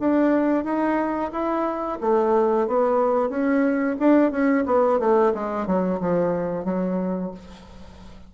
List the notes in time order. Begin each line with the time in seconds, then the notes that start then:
0.00 D4
0.65 D#4
1.32 E4
2.01 A3
2.68 B3
3.30 C#4
4.00 D4
4.32 C#4
4.66 B3
5.00 A3
5.35 G#3
5.67 F#3
6.01 F3
6.65 F#3